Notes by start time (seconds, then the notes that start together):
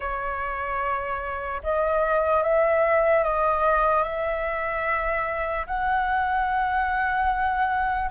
0.00 C#5
1.63 D#5
2.42 E5
3.23 D#5
4.03 E5
5.66 F#5